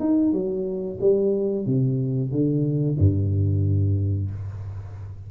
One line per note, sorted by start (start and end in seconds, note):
0.00 0.33 D#4
0.33 0.99 F#3
1.01 1.66 G3
1.66 2.32 C3
2.32 2.98 D3
2.99 4.31 G2